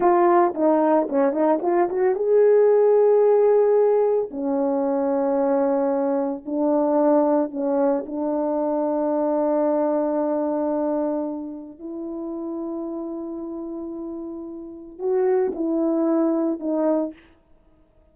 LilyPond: \new Staff \with { instrumentName = "horn" } { \time 4/4 \tempo 4 = 112 f'4 dis'4 cis'8 dis'8 f'8 fis'8 | gis'1 | cis'1 | d'2 cis'4 d'4~ |
d'1~ | d'2 e'2~ | e'1 | fis'4 e'2 dis'4 | }